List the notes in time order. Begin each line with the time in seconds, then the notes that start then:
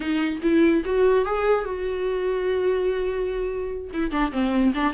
0.00 D#4
0.42 E4
0.85 F#4
1.25 G#4
1.64 F#4
3.93 E4
4.11 D4
4.32 C4
4.74 D4